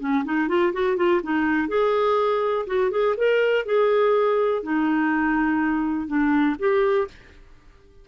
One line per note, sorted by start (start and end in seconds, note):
0.00 0.24 C#4
0.25 0.49 D#4
0.49 0.73 F4
0.73 0.97 F#4
0.97 1.21 F4
1.23 1.68 D#4
1.68 2.66 G#4
2.67 2.91 F#4
2.91 3.16 G#4
3.17 3.66 A#4
3.66 4.63 G#4
4.63 6.08 D#4
6.08 6.57 D4
6.59 7.08 G4